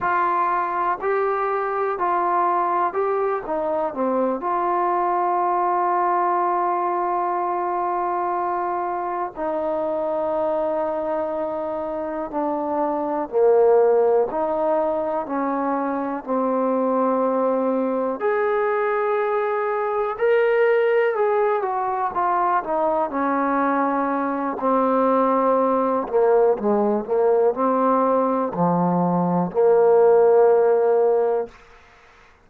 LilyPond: \new Staff \with { instrumentName = "trombone" } { \time 4/4 \tempo 4 = 61 f'4 g'4 f'4 g'8 dis'8 | c'8 f'2.~ f'8~ | f'4. dis'2~ dis'8~ | dis'8 d'4 ais4 dis'4 cis'8~ |
cis'8 c'2 gis'4.~ | gis'8 ais'4 gis'8 fis'8 f'8 dis'8 cis'8~ | cis'4 c'4. ais8 gis8 ais8 | c'4 f4 ais2 | }